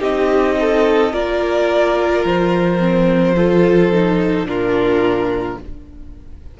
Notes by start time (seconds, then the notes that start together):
0.00 C4 D#4 G4 D#5
0.60 A4
1.12 A#3 F4 A#4 D5
2.24 F3 C5
2.79 C4
3.35 F4 A4
3.92 D#4
4.43 A#2 D4 F4 A#4